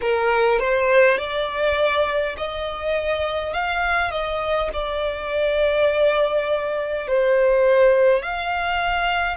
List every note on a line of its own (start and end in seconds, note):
0.01 0.59 A#4
0.59 1.18 C5
1.18 2.35 D5
2.37 3.53 D#5
3.53 4.10 F5
4.10 4.69 D#5
4.73 7.07 D5
7.07 8.22 C5
8.22 9.36 F5